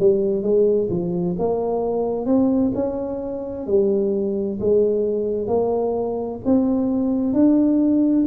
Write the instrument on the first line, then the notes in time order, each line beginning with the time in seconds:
tuba
0.00 G3
0.43 G#3
0.90 F3
1.39 A#3
2.26 C4
2.75 C#4
3.67 G3
4.61 G#3
5.48 A#3
6.45 C4
7.33 D4